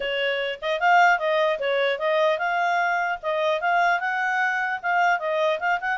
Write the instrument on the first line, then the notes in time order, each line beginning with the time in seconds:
clarinet
0.00 C#5
0.61 D#5
0.80 F5
1.18 D#5
1.59 C#5
1.98 D#5
2.38 F5
3.22 D#5
3.60 F5
4.00 F#5
4.82 F5
5.19 D#5
5.59 F5
5.80 F#5